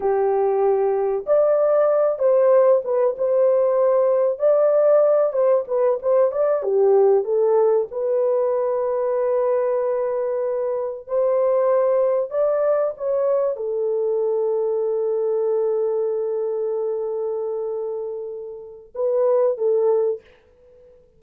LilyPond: \new Staff \with { instrumentName = "horn" } { \time 4/4 \tempo 4 = 95 g'2 d''4. c''8~ | c''8 b'8 c''2 d''4~ | d''8 c''8 b'8 c''8 d''8 g'4 a'8~ | a'8 b'2.~ b'8~ |
b'4. c''2 d''8~ | d''8 cis''4 a'2~ a'8~ | a'1~ | a'2 b'4 a'4 | }